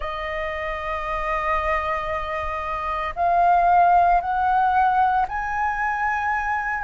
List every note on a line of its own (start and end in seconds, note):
0.00 3.14 D#5
3.15 4.21 F5
4.21 5.26 F#5
5.28 6.83 G#5